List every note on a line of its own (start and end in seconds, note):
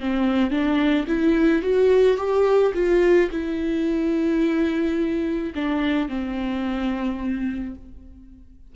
0.00 0.51 C4
0.51 1.06 D4
1.08 1.63 E4
1.63 2.17 F#4
2.17 2.73 G4
2.75 3.30 F4
3.31 5.54 E4
5.55 6.09 D4
6.09 7.75 C4